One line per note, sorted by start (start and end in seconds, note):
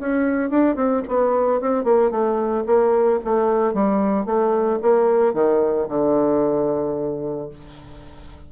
0.00 0.50 C#4
0.50 0.76 D4
0.76 1.03 C4
1.08 1.61 B3
1.61 1.84 C4
1.84 2.11 A#3
2.11 2.64 A3
2.67 3.20 A#3
3.25 3.74 A3
3.74 4.26 G3
4.26 4.79 A3
4.83 5.34 A#3
5.34 5.88 D#3
5.89 7.50 D3